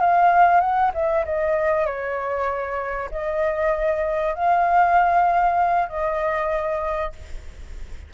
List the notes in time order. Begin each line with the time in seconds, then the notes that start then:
0.00 F5
0.60 F#5
0.94 E5
1.25 D#5
1.86 C#5
3.11 D#5
4.34 F5
5.88 D#5